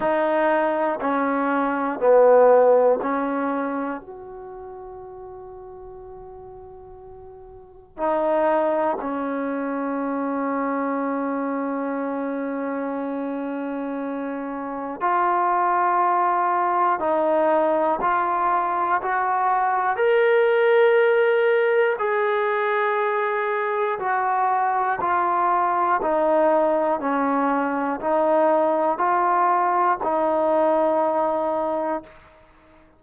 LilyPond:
\new Staff \with { instrumentName = "trombone" } { \time 4/4 \tempo 4 = 60 dis'4 cis'4 b4 cis'4 | fis'1 | dis'4 cis'2.~ | cis'2. f'4~ |
f'4 dis'4 f'4 fis'4 | ais'2 gis'2 | fis'4 f'4 dis'4 cis'4 | dis'4 f'4 dis'2 | }